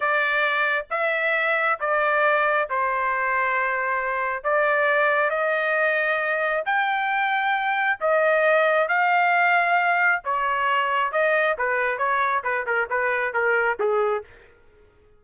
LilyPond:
\new Staff \with { instrumentName = "trumpet" } { \time 4/4 \tempo 4 = 135 d''2 e''2 | d''2 c''2~ | c''2 d''2 | dis''2. g''4~ |
g''2 dis''2 | f''2. cis''4~ | cis''4 dis''4 b'4 cis''4 | b'8 ais'8 b'4 ais'4 gis'4 | }